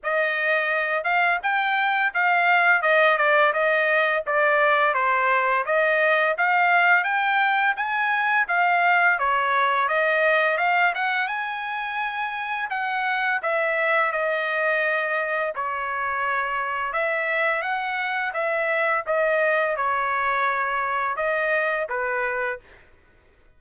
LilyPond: \new Staff \with { instrumentName = "trumpet" } { \time 4/4 \tempo 4 = 85 dis''4. f''8 g''4 f''4 | dis''8 d''8 dis''4 d''4 c''4 | dis''4 f''4 g''4 gis''4 | f''4 cis''4 dis''4 f''8 fis''8 |
gis''2 fis''4 e''4 | dis''2 cis''2 | e''4 fis''4 e''4 dis''4 | cis''2 dis''4 b'4 | }